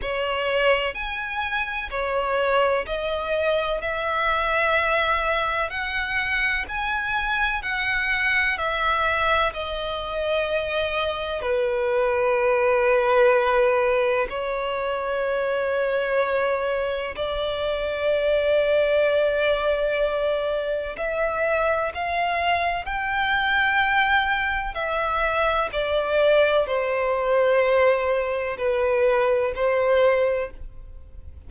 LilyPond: \new Staff \with { instrumentName = "violin" } { \time 4/4 \tempo 4 = 63 cis''4 gis''4 cis''4 dis''4 | e''2 fis''4 gis''4 | fis''4 e''4 dis''2 | b'2. cis''4~ |
cis''2 d''2~ | d''2 e''4 f''4 | g''2 e''4 d''4 | c''2 b'4 c''4 | }